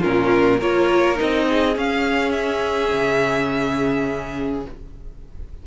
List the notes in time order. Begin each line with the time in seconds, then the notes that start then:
0.00 A#2 C#4 F4 A#4
0.58 A#3 F4 A#4 C#5
1.15 D#4 D#5
1.21 C4
1.49 G#4
1.76 C#4 F5
2.31 E5
2.92 C#3